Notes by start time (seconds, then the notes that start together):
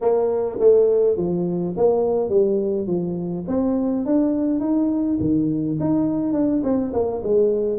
0.01 A#3
0.59 A3
1.17 F3
1.76 A#3
2.29 G3
2.87 F3
3.47 C4
4.05 D4
4.60 D#4
5.20 D#3
5.80 D#4
6.33 D4
6.63 C4
6.93 A#3
7.23 G#3